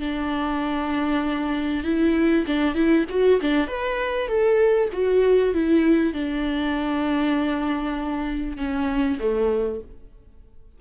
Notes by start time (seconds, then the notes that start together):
0.00 D4
1.84 E4
2.47 D4
2.75 E4
3.10 F#4
3.41 D4
3.67 B4
4.28 A4
4.93 F#4
5.54 E4
6.13 D4
8.57 C#4
9.19 A3